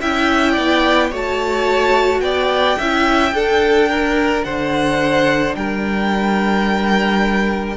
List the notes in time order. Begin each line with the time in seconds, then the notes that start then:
0.00 C#4 E4 E5 G5
0.51 B3 D5
1.10 A3 F#4 C#5 A5
2.20 B3 D5 G5
2.78 C#4 E4 E5
3.31 D4 A4
3.89 A#4
4.43 D3 C5 F#5
5.55 G3 A#4 G5